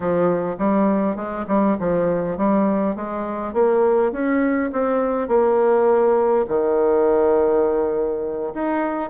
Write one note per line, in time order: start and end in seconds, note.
0.00 0.56 F3
0.58 1.16 G3
1.16 1.45 G#3
1.47 1.76 G3
1.79 2.37 F3
2.37 2.95 G3
2.95 3.53 G#3
3.53 4.12 A#3
4.12 4.71 C#4
4.72 5.28 C4
5.28 6.45 A#3
6.47 8.53 D#3
8.54 9.09 D#4